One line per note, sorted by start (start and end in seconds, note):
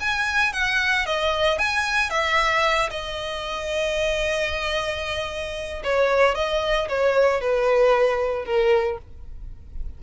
0.00 0.53 G#5
0.53 1.06 F#5
1.06 1.58 D#5
1.58 2.10 G#5
2.10 2.89 E5
2.90 5.82 D#5
5.84 6.35 C#5
6.35 6.88 D#5
6.89 7.41 C#5
7.41 8.45 B4
8.45 8.98 A#4